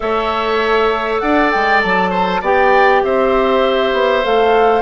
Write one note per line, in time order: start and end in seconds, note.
0.00 1.22 A3
0.00 2.42 A4
0.00 1.22 C#5
0.00 1.19 E5
1.19 1.52 D4
1.19 2.10 D5
1.19 1.49 F#5
1.51 1.83 G#3
1.51 1.81 G5
1.82 2.41 F#3
1.82 2.43 A5
2.10 2.40 C5
2.41 3.02 B3
2.41 4.24 G4
2.41 3.02 D5
2.41 3.04 G5
3.04 3.93 C4
3.04 4.82 C5
3.04 4.25 E5
3.93 4.23 B3
4.24 4.82 A3
4.24 4.82 A4
4.24 4.82 F5